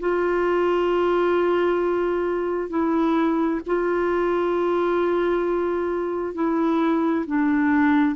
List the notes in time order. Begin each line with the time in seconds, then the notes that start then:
0.00 F4
2.69 E4
3.66 F4
6.34 E4
7.26 D4